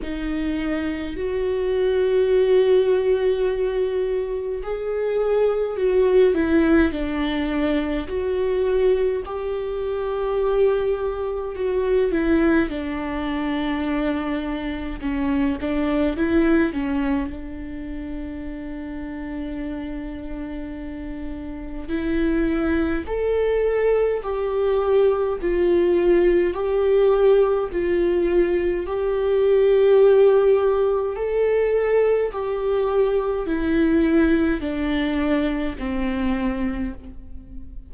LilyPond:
\new Staff \with { instrumentName = "viola" } { \time 4/4 \tempo 4 = 52 dis'4 fis'2. | gis'4 fis'8 e'8 d'4 fis'4 | g'2 fis'8 e'8 d'4~ | d'4 cis'8 d'8 e'8 cis'8 d'4~ |
d'2. e'4 | a'4 g'4 f'4 g'4 | f'4 g'2 a'4 | g'4 e'4 d'4 c'4 | }